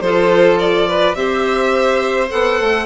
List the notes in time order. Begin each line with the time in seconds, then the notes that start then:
0.00 F3 F4 A4 C5
0.59 D5
0.88 B4
1.14 C4 G4 C5 E5
2.28 B3 A4 F#5
2.60 A3